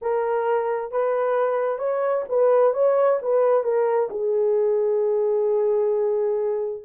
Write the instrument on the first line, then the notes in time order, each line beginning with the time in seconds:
horn
0.01 A#4
0.91 B4
1.78 C#5
2.28 B4
2.73 C#5
3.22 B4
3.63 A#4
4.10 G#4